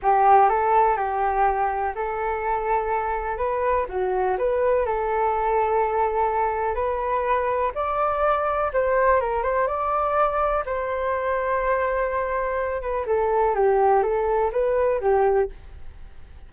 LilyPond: \new Staff \with { instrumentName = "flute" } { \time 4/4 \tempo 4 = 124 g'4 a'4 g'2 | a'2. b'4 | fis'4 b'4 a'2~ | a'2 b'2 |
d''2 c''4 ais'8 c''8 | d''2 c''2~ | c''2~ c''8 b'8 a'4 | g'4 a'4 b'4 g'4 | }